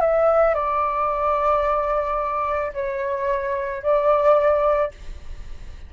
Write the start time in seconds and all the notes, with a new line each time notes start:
0.00 E5
0.54 D5
2.73 C#5
3.82 D5